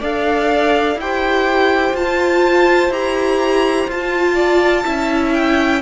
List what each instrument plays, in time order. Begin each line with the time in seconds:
0.00 cello D4, viola A4, violin D5 F5
0.95 cello E4, violin C5 G5
1.01 viola G4
1.93 cello F4, viola F4, violin A5
2.89 cello E4, viola G4, violin A#5
3.87 cello F4, viola F4, violin A5
4.34 violin D5
4.84 cello C#4, viola E4, violin E5
5.33 violin G5